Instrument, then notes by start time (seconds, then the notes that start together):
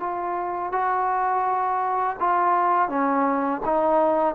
trombone
0.00 F4
0.73 F#4
2.20 F4
2.89 C#4
3.66 D#4